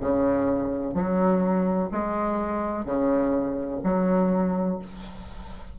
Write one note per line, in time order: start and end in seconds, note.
0.00 0.94 C#3
0.94 1.89 F#3
1.92 2.86 G#3
2.86 3.81 C#3
3.84 4.79 F#3